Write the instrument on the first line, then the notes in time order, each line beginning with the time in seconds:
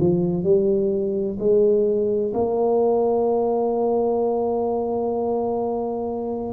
tuba
0.00 F3
0.44 G3
1.39 G#3
2.34 A#3